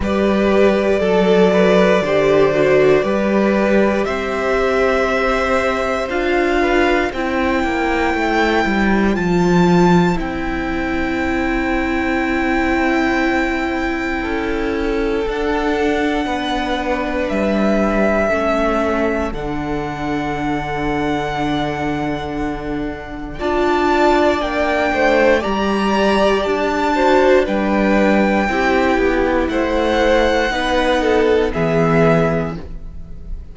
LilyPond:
<<
  \new Staff \with { instrumentName = "violin" } { \time 4/4 \tempo 4 = 59 d''1 | e''2 f''4 g''4~ | g''4 a''4 g''2~ | g''2. fis''4~ |
fis''4 e''2 fis''4~ | fis''2. a''4 | g''4 ais''4 a''4 g''4~ | g''4 fis''2 e''4 | }
  \new Staff \with { instrumentName = "violin" } { \time 4/4 b'4 a'8 b'8 c''4 b'4 | c''2~ c''8 b'8 c''4~ | c''1~ | c''2 a'2 |
b'2 a'2~ | a'2. d''4~ | d''8 c''8 d''4. c''8 b'4 | g'4 c''4 b'8 a'8 gis'4 | }
  \new Staff \with { instrumentName = "viola" } { \time 4/4 g'4 a'4 g'8 fis'8 g'4~ | g'2 f'4 e'4~ | e'4 f'4 e'2~ | e'2. d'4~ |
d'2 cis'4 d'4~ | d'2. f'4 | d'4 g'4. fis'8 d'4 | e'2 dis'4 b4 | }
  \new Staff \with { instrumentName = "cello" } { \time 4/4 g4 fis4 d4 g4 | c'2 d'4 c'8 ais8 | a8 g8 f4 c'2~ | c'2 cis'4 d'4 |
b4 g4 a4 d4~ | d2. d'4 | ais8 a8 g4 d'4 g4 | c'8 b8 a4 b4 e4 | }
>>